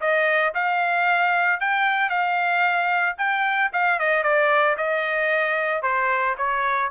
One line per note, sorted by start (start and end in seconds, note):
0.00 0.53 D#5
0.54 1.60 F5
1.60 2.09 G5
2.09 3.16 F5
3.17 3.70 G5
3.73 3.99 F5
3.99 4.23 D#5
4.23 4.76 D5
4.77 5.82 D#5
5.82 6.35 C5
6.37 6.91 C#5